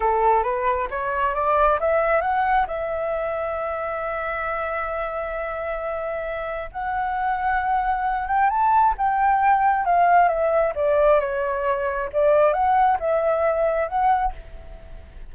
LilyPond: \new Staff \with { instrumentName = "flute" } { \time 4/4 \tempo 4 = 134 a'4 b'4 cis''4 d''4 | e''4 fis''4 e''2~ | e''1~ | e''2. fis''4~ |
fis''2~ fis''8 g''8 a''4 | g''2 f''4 e''4 | d''4 cis''2 d''4 | fis''4 e''2 fis''4 | }